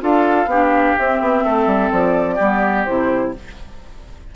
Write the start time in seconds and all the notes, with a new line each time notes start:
0.00 D4 F4 A4 F5
0.46 B3 G4
0.52 D4
0.98 C4 E5
1.21 B3
1.44 A3 A4
1.66 G3
1.92 F3 D5
2.35 G3 B3 G4
2.84 C3 E4 C5